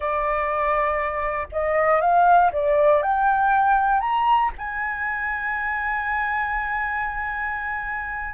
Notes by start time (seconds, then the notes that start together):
0.00 D5
1.51 D#5
2.00 F5
2.52 D5
3.02 G5
4.00 A#5
4.58 G#5